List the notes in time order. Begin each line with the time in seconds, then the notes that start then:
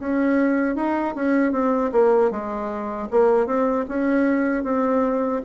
0.00 C#4
0.76 D#4
1.15 C#4
1.52 C4
1.92 A#3
2.31 G#3
3.11 A#3
3.47 C4
3.89 C#4
4.64 C4